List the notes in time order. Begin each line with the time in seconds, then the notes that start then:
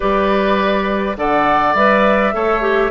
0.00 G3 G4 B4 D5
1.17 D3 A4 D5 F#5
1.74 G3 B4 E5
2.33 A3 A4 C#5
2.61 G4